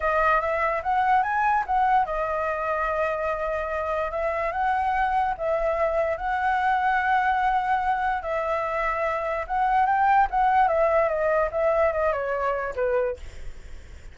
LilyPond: \new Staff \with { instrumentName = "flute" } { \time 4/4 \tempo 4 = 146 dis''4 e''4 fis''4 gis''4 | fis''4 dis''2.~ | dis''2 e''4 fis''4~ | fis''4 e''2 fis''4~ |
fis''1 | e''2. fis''4 | g''4 fis''4 e''4 dis''4 | e''4 dis''8 cis''4. b'4 | }